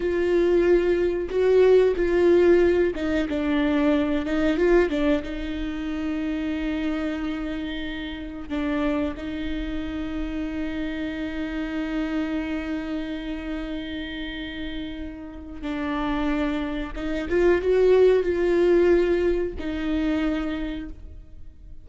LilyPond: \new Staff \with { instrumentName = "viola" } { \time 4/4 \tempo 4 = 92 f'2 fis'4 f'4~ | f'8 dis'8 d'4. dis'8 f'8 d'8 | dis'1~ | dis'4 d'4 dis'2~ |
dis'1~ | dis'1 | d'2 dis'8 f'8 fis'4 | f'2 dis'2 | }